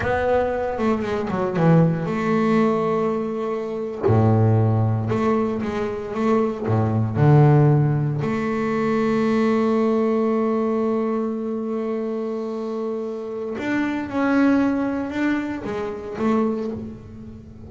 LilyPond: \new Staff \with { instrumentName = "double bass" } { \time 4/4 \tempo 4 = 115 b4. a8 gis8 fis8 e4 | a2.~ a8. a,16~ | a,4.~ a,16 a4 gis4 a16~ | a8. a,4 d2 a16~ |
a1~ | a1~ | a2 d'4 cis'4~ | cis'4 d'4 gis4 a4 | }